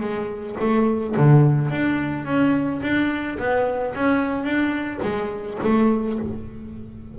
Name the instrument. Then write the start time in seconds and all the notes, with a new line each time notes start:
double bass
0.00 G#3
0.60 A3
1.16 D3
1.70 D4
2.25 C#4
2.82 D4
3.38 B3
3.94 C#4
4.43 D4
5.02 G#3
5.63 A3